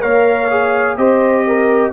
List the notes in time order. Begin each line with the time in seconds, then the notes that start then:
0.00 A#3 A#4 C#5 F5
0.50 G#4
0.97 C4 G4 C5 D#5
1.47 A#4